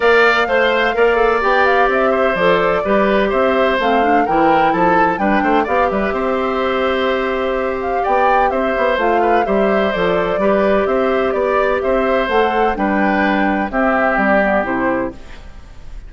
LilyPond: <<
  \new Staff \with { instrumentName = "flute" } { \time 4/4 \tempo 4 = 127 f''2. g''8 f''8 | e''4 d''2 e''4 | f''4 g''4 a''4 g''4 | f''8 e''2.~ e''8~ |
e''8 f''8 g''4 e''4 f''4 | e''4 d''2 e''4 | d''4 e''4 fis''4 g''4~ | g''4 e''4 d''4 c''4 | }
  \new Staff \with { instrumentName = "oboe" } { \time 4/4 d''4 c''4 d''2~ | d''8 c''4. b'4 c''4~ | c''4 ais'4 a'4 b'8 c''8 | d''8 b'8 c''2.~ |
c''4 d''4 c''4. b'8 | c''2 b'4 c''4 | d''4 c''2 b'4~ | b'4 g'2. | }
  \new Staff \with { instrumentName = "clarinet" } { \time 4/4 ais'4 c''4 ais'8 a'8 g'4~ | g'4 a'4 g'2 | c'8 d'8 e'2 d'4 | g'1~ |
g'2. f'4 | g'4 a'4 g'2~ | g'2 a'4 d'4~ | d'4 c'4. b8 e'4 | }
  \new Staff \with { instrumentName = "bassoon" } { \time 4/4 ais4 a4 ais4 b4 | c'4 f4 g4 c'4 | a4 e4 f4 g8 a8 | b8 g8 c'2.~ |
c'4 b4 c'8 b8 a4 | g4 f4 g4 c'4 | b4 c'4 a4 g4~ | g4 c'4 g4 c4 | }
>>